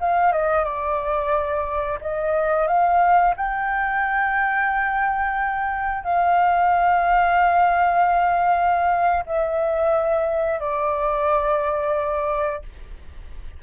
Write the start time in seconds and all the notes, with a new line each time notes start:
0.00 F5
0.32 D#5
0.64 D5
2.01 D#5
2.67 F5
3.36 G5
6.04 F5
9.26 E5
10.60 D5